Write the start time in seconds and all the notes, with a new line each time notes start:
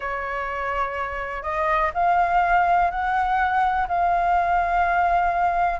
0.00 C#5
1.43 D#5
1.94 F5
2.90 F#5
3.88 F5